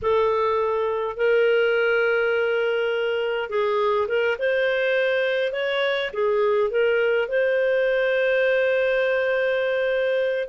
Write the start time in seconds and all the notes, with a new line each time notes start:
0.02 A4
1.17 A#4
3.49 G#4
4.08 A#4
4.38 C5
5.52 C#5
6.13 G#4
6.70 A#4
7.28 C5